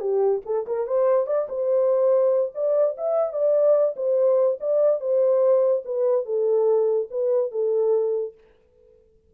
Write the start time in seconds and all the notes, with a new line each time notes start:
0.00 G4
0.45 A4
0.67 A#4
0.87 C5
1.27 D5
1.49 C5
2.54 D5
2.97 E5
3.33 D5
3.96 C5
4.60 D5
5.00 C5
5.85 B4
6.25 A4
7.10 B4
7.51 A4